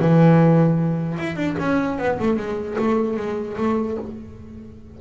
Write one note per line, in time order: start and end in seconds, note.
0.00 1.19 E3
1.19 1.36 E4
1.36 1.56 D4
1.59 1.99 C#4
1.99 2.19 B3
2.19 2.37 A3
2.37 2.77 G#3
2.79 3.17 A3
3.17 3.57 G#3
3.58 3.98 A3